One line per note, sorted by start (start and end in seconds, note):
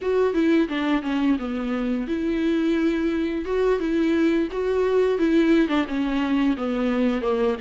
0.01 0.33 F#4
0.33 0.68 E4
0.68 1.02 D4
1.02 1.37 C#4
1.39 2.07 B3
2.07 3.45 E4
3.45 3.79 F#4
3.79 4.48 E4
4.51 5.18 F#4
5.18 5.68 E4
5.68 5.85 D4
5.87 6.56 C#4
6.56 7.21 B3
7.21 7.55 A#3